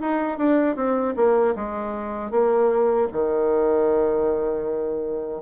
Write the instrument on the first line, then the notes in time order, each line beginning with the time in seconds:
bassoon
0.00 D#4
0.38 D4
0.76 C4
1.16 A#3
1.55 G#3
2.31 A#3
3.12 D#3